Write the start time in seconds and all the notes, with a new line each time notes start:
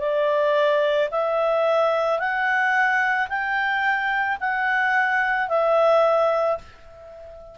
0.00 D5
1.11 E5
2.19 F#5
3.29 G5
4.41 F#5
5.49 E5